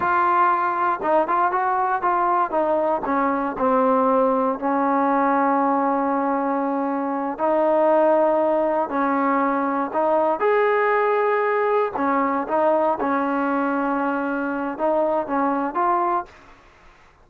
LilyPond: \new Staff \with { instrumentName = "trombone" } { \time 4/4 \tempo 4 = 118 f'2 dis'8 f'8 fis'4 | f'4 dis'4 cis'4 c'4~ | c'4 cis'2.~ | cis'2~ cis'8 dis'4.~ |
dis'4. cis'2 dis'8~ | dis'8 gis'2. cis'8~ | cis'8 dis'4 cis'2~ cis'8~ | cis'4 dis'4 cis'4 f'4 | }